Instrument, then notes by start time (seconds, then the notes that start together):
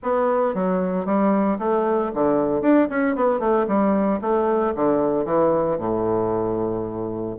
bassoon
0.02 B3
0.54 F#3
1.05 G3
1.58 A3
2.14 D3
2.61 D4
2.89 C#4
3.15 B3
3.39 A3
3.67 G3
4.21 A3
4.75 D3
5.25 E3
5.78 A2